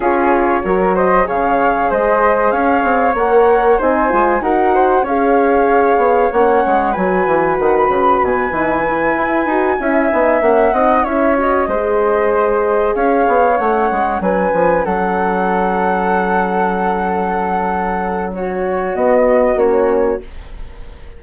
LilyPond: <<
  \new Staff \with { instrumentName = "flute" } { \time 4/4 \tempo 4 = 95 cis''4. dis''8 f''4 dis''4 | f''4 fis''4 gis''4 fis''4 | f''2 fis''4 gis''4 | fis''16 b''8. gis''2.~ |
gis''8 fis''4 e''8 dis''2~ | dis''8 f''4 fis''4 gis''4 fis''8~ | fis''1~ | fis''4 cis''4 dis''4 cis''4 | }
  \new Staff \with { instrumentName = "flute" } { \time 4/4 gis'4 ais'8 c''8 cis''4 c''4 | cis''2 c''4 ais'8 c''8 | cis''2. b'4~ | b'2.~ b'8 e''8~ |
e''4 dis''8 cis''4 c''4.~ | c''8 cis''2 b'4 a'8~ | a'1~ | a'4 fis'2. | }
  \new Staff \with { instrumentName = "horn" } { \time 4/4 f'4 fis'4 gis'2~ | gis'4 ais'4 dis'8 f'8 fis'4 | gis'2 cis'4 fis'4~ | fis'4. dis'8 e'4 fis'8 e'8 |
dis'8 cis'8 dis'8 e'8 fis'8 gis'4.~ | gis'4. cis'2~ cis'8~ | cis'1~ | cis'2 b4 cis'4 | }
  \new Staff \with { instrumentName = "bassoon" } { \time 4/4 cis'4 fis4 cis4 gis4 | cis'8 c'8 ais4 c'8 gis8 dis'4 | cis'4. b8 ais8 gis8 fis8 e8 | dis8 cis8 b,8 e4 e'8 dis'8 cis'8 |
b8 ais8 c'8 cis'4 gis4.~ | gis8 cis'8 b8 a8 gis8 fis8 f8 fis8~ | fis1~ | fis2 b4 ais4 | }
>>